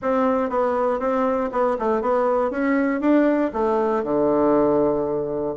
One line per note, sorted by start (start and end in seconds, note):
0.01 0.49 C4
0.49 0.99 B3
0.99 1.50 C4
1.51 1.77 B3
1.79 2.01 A3
2.01 2.50 B3
2.50 3.00 C#4
3.00 3.51 D4
3.53 4.03 A3
4.03 5.55 D3